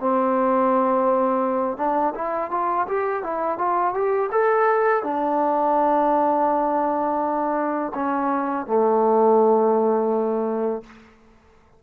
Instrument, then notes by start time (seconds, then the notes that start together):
trombone
0.00 C4
1.77 D4
2.15 E4
2.51 F4
2.88 G4
3.23 E4
3.58 F4
3.94 G4
4.32 A4
5.03 D4
7.95 C#4
8.66 A3